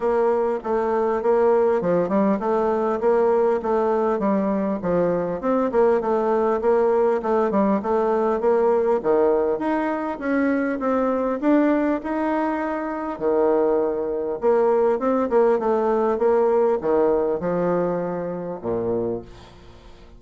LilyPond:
\new Staff \with { instrumentName = "bassoon" } { \time 4/4 \tempo 4 = 100 ais4 a4 ais4 f8 g8 | a4 ais4 a4 g4 | f4 c'8 ais8 a4 ais4 | a8 g8 a4 ais4 dis4 |
dis'4 cis'4 c'4 d'4 | dis'2 dis2 | ais4 c'8 ais8 a4 ais4 | dis4 f2 ais,4 | }